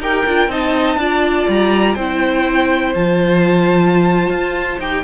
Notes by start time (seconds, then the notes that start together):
0.00 D#4 G4 A#4 G5
0.27 D4 F4
0.48 C4 D#4 D#5 A5
0.97 D4 F4 D5
1.48 G3 A#5
1.95 C4 E4 C5 G5
2.95 F3 F4 A5
4.30 F4
4.80 D#4 G4 G5